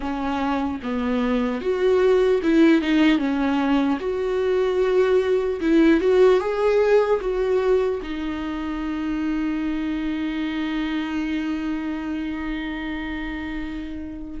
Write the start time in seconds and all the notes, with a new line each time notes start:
0.00 C#4
0.82 B3
1.61 F#4
2.43 E4
2.81 D#4
3.18 C#4
4.00 F#4
5.60 E4
6.00 F#4
6.40 G#4
7.20 F#4
8.02 D#4